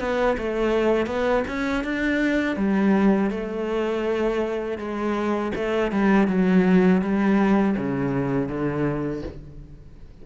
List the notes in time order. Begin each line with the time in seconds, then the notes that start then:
0.00 B3
0.38 A3
1.06 B3
1.48 C#4
1.84 D4
2.57 G3
3.30 A3
4.78 G#3
5.55 A3
5.92 G3
6.28 F#3
7.02 G3
7.77 C#3
8.48 D3